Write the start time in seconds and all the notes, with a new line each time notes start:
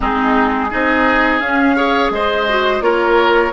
0.00 G#3 C4 D#4 G#4
0.70 C4 D#4 G#4 D#5
1.40 C#4 F5
1.76 G#4 C#5
2.10 G#3 C5 D#5
2.48 F#4
2.80 A#3 F4 A#4 C#5